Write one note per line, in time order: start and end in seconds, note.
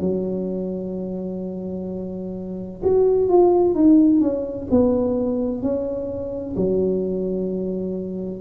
0.00 2.81 F#3
2.83 3.29 F#4
3.29 3.75 F4
3.75 4.21 D#4
4.21 4.67 C#4
4.70 5.62 B3
5.62 6.55 C#4
6.56 8.41 F#3